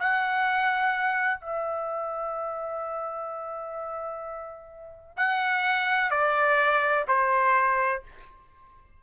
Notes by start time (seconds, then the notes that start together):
0.00 F#5
1.40 E5
5.17 F#5
6.11 D5
7.08 C5